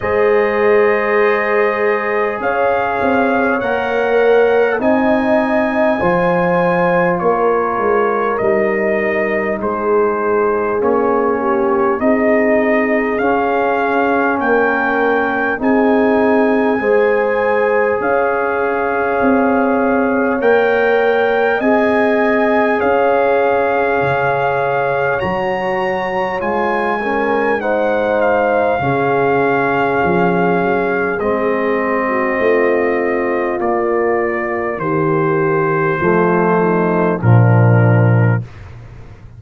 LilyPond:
<<
  \new Staff \with { instrumentName = "trumpet" } { \time 4/4 \tempo 4 = 50 dis''2 f''4 fis''4 | gis''2 cis''4 dis''4 | c''4 cis''4 dis''4 f''4 | g''4 gis''2 f''4~ |
f''4 g''4 gis''4 f''4~ | f''4 ais''4 gis''4 fis''8 f''8~ | f''2 dis''2 | d''4 c''2 ais'4 | }
  \new Staff \with { instrumentName = "horn" } { \time 4/4 c''2 cis''2 | dis''4 c''4 ais'2 | gis'4. g'8 gis'2 | ais'4 gis'4 c''4 cis''4~ |
cis''2 dis''4 cis''4~ | cis''2~ cis''8 ais'8 c''4 | gis'2~ gis'8. fis'16 f'4~ | f'4 g'4 f'8 dis'8 d'4 | }
  \new Staff \with { instrumentName = "trombone" } { \time 4/4 gis'2. ais'4 | dis'4 f'2 dis'4~ | dis'4 cis'4 dis'4 cis'4~ | cis'4 dis'4 gis'2~ |
gis'4 ais'4 gis'2~ | gis'4 fis'4 f'8 cis'8 dis'4 | cis'2 c'2 | ais2 a4 f4 | }
  \new Staff \with { instrumentName = "tuba" } { \time 4/4 gis2 cis'8 c'8 ais4 | c'4 f4 ais8 gis8 g4 | gis4 ais4 c'4 cis'4 | ais4 c'4 gis4 cis'4 |
c'4 ais4 c'4 cis'4 | cis4 fis4 gis2 | cis4 f8 fis8 gis4 a4 | ais4 dis4 f4 ais,4 | }
>>